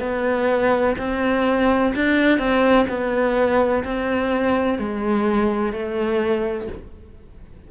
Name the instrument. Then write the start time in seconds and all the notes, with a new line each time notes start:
cello
0.00 B3
0.98 C4
1.96 D4
2.39 C4
2.89 B3
3.84 C4
4.79 G#3
5.73 A3